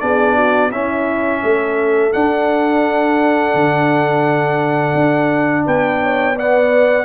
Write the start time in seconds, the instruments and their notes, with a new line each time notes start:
0.00 tuba B3, trombone D4, horn G#4, trumpet D5
0.36 horn F#4
0.71 tuba C#4, trombone C#4, horn E4, trumpet E5
1.43 tuba A3, horn A4
2.11 trombone D4, tuba D4, trumpet F#5
3.54 tuba D3
4.94 tuba D4
5.65 tuba B3, horn B4, trumpet G5
6.02 horn C#5
6.36 trombone B3, horn D5, trumpet F#5